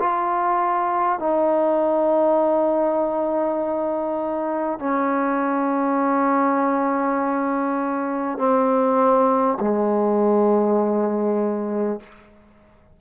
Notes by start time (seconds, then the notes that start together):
0.00 F4
1.20 D#4
4.80 C#4
8.38 C4
9.61 G#3